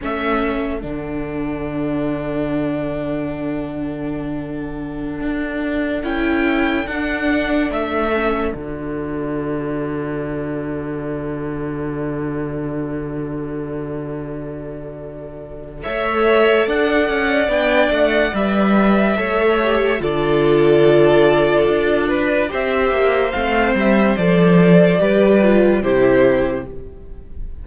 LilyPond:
<<
  \new Staff \with { instrumentName = "violin" } { \time 4/4 \tempo 4 = 72 e''4 fis''2.~ | fis''2.~ fis''16 g''8.~ | g''16 fis''4 e''4 d''4.~ d''16~ | d''1~ |
d''2. e''4 | fis''4 g''8 fis''8 e''2 | d''2. e''4 | f''8 e''8 d''2 c''4 | }
  \new Staff \with { instrumentName = "violin" } { \time 4/4 a'1~ | a'1~ | a'1~ | a'1~ |
a'2. cis''4 | d''2. cis''4 | a'2~ a'8 b'8 c''4~ | c''2 b'4 g'4 | }
  \new Staff \with { instrumentName = "viola" } { \time 4/4 cis'4 d'2.~ | d'2.~ d'16 e'8.~ | e'16 d'4. cis'8 fis'4.~ fis'16~ | fis'1~ |
fis'2. a'4~ | a'4 d'4 b'4 a'8 g'8 | f'2. g'4 | c'4 a'4 g'8 f'8 e'4 | }
  \new Staff \with { instrumentName = "cello" } { \time 4/4 a4 d2.~ | d2~ d16 d'4 cis'8.~ | cis'16 d'4 a4 d4.~ d16~ | d1~ |
d2. a4 | d'8 cis'8 b8 a8 g4 a4 | d2 d'4 c'8 ais8 | a8 g8 f4 g4 c4 | }
>>